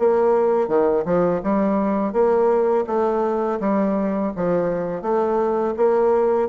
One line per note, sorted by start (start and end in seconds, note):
0.00 0.69 A#3
0.69 1.05 D#3
1.05 1.42 F3
1.44 2.13 G3
2.13 2.86 A#3
2.88 3.60 A3
3.60 4.33 G3
4.37 5.02 F3
5.02 5.75 A3
5.77 6.49 A#3